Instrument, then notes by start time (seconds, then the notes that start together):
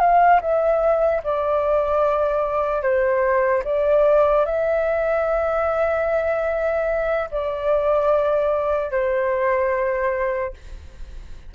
flute
0.00 F5
0.41 E5
1.24 D5
2.82 C5
3.65 D5
4.46 E5
7.31 D5
8.92 C5